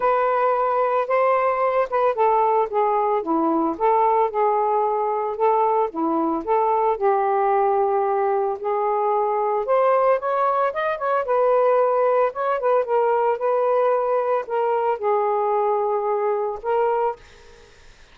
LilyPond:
\new Staff \with { instrumentName = "saxophone" } { \time 4/4 \tempo 4 = 112 b'2 c''4. b'8 | a'4 gis'4 e'4 a'4 | gis'2 a'4 e'4 | a'4 g'2. |
gis'2 c''4 cis''4 | dis''8 cis''8 b'2 cis''8 b'8 | ais'4 b'2 ais'4 | gis'2. ais'4 | }